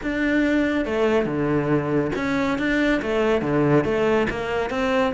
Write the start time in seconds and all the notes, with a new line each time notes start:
0.03 D4
0.85 A3
1.25 D3
2.15 C#4
2.58 D4
3.02 A3
3.41 D3
3.84 A3
4.30 A#3
4.70 C4